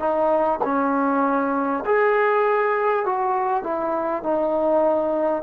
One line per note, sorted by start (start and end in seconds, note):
0.00 0.60 D#4
0.64 1.84 C#4
1.86 3.06 G#4
3.06 3.64 F#4
3.64 4.24 E4
4.24 5.43 D#4